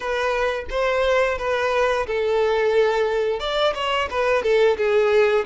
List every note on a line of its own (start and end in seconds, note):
0.00 0.65 B4
0.70 1.38 C5
1.38 2.06 B4
2.06 3.39 A4
3.39 3.73 D5
3.74 4.08 C#5
4.10 4.43 B4
4.43 4.77 A4
4.77 5.45 G#4